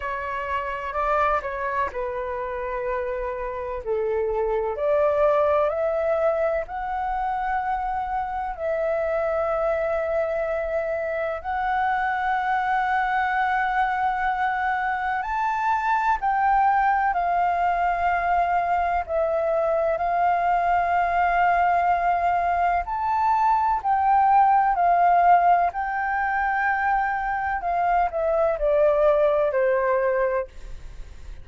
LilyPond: \new Staff \with { instrumentName = "flute" } { \time 4/4 \tempo 4 = 63 cis''4 d''8 cis''8 b'2 | a'4 d''4 e''4 fis''4~ | fis''4 e''2. | fis''1 |
a''4 g''4 f''2 | e''4 f''2. | a''4 g''4 f''4 g''4~ | g''4 f''8 e''8 d''4 c''4 | }